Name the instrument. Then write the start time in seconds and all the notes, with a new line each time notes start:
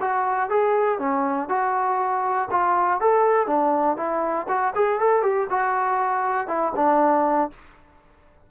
trombone
0.00 F#4
0.50 G#4
0.99 C#4
1.48 F#4
2.50 F4
3.00 A4
3.47 D4
3.96 E4
4.48 F#4
4.75 G#4
5.00 A4
5.22 G4
5.50 F#4
6.47 E4
6.75 D4